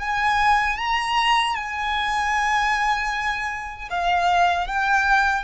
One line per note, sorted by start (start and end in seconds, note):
0.00 0.78 G#5
0.78 1.55 A#5
1.55 3.89 G#5
3.90 4.67 F5
4.67 5.44 G5